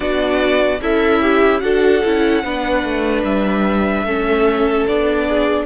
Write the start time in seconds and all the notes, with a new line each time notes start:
0.00 B3 D4 F#4 D5
0.81 C#4 E4 A4 E5
1.21 G4
1.59 D4 F#4 A4 F#5
2.04 C#4 E4
2.43 B3 D4 B4
2.84 A3
3.23 G3 E5
4.02 A3 C#4 A4
4.87 B3 D4 D5
5.27 G#4